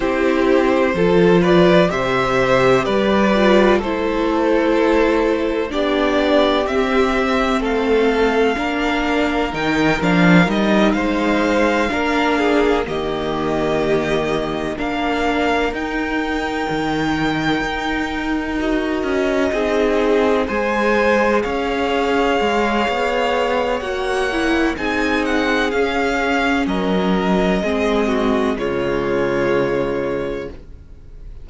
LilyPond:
<<
  \new Staff \with { instrumentName = "violin" } { \time 4/4 \tempo 4 = 63 c''4. d''8 e''4 d''4 | c''2 d''4 e''4 | f''2 g''8 f''8 dis''8 f''8~ | f''4. dis''2 f''8~ |
f''8 g''2. dis''8~ | dis''4. gis''4 f''4.~ | f''4 fis''4 gis''8 fis''8 f''4 | dis''2 cis''2 | }
  \new Staff \with { instrumentName = "violin" } { \time 4/4 g'4 a'8 b'8 c''4 b'4 | a'2 g'2 | a'4 ais'2~ ais'8 c''8~ | c''8 ais'8 gis'8 g'2 ais'8~ |
ais'1~ | ais'8 gis'4 c''4 cis''4.~ | cis''2 gis'2 | ais'4 gis'8 fis'8 f'2 | }
  \new Staff \with { instrumentName = "viola" } { \time 4/4 e'4 f'4 g'4. f'8 | e'2 d'4 c'4~ | c'4 d'4 dis'8 d'8 dis'4~ | dis'8 d'4 ais2 d'8~ |
d'8 dis'2. fis'8~ | fis'8 dis'4 gis'2~ gis'8~ | gis'4 fis'8 e'8 dis'4 cis'4~ | cis'4 c'4 gis2 | }
  \new Staff \with { instrumentName = "cello" } { \time 4/4 c'4 f4 c4 g4 | a2 b4 c'4 | a4 ais4 dis8 f8 g8 gis8~ | gis8 ais4 dis2 ais8~ |
ais8 dis'4 dis4 dis'4. | cis'8 c'4 gis4 cis'4 gis8 | b4 ais4 c'4 cis'4 | fis4 gis4 cis2 | }
>>